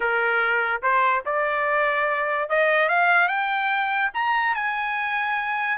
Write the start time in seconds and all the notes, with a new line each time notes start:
0.00 A#4
0.82 C5
1.25 D5
2.49 D#5
2.89 F5
3.28 G5
4.13 A#5
4.54 G#5